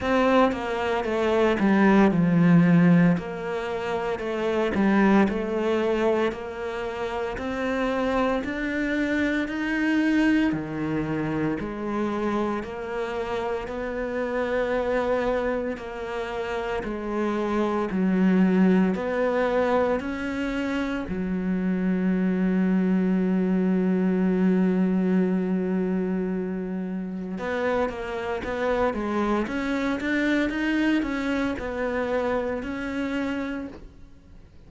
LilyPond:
\new Staff \with { instrumentName = "cello" } { \time 4/4 \tempo 4 = 57 c'8 ais8 a8 g8 f4 ais4 | a8 g8 a4 ais4 c'4 | d'4 dis'4 dis4 gis4 | ais4 b2 ais4 |
gis4 fis4 b4 cis'4 | fis1~ | fis2 b8 ais8 b8 gis8 | cis'8 d'8 dis'8 cis'8 b4 cis'4 | }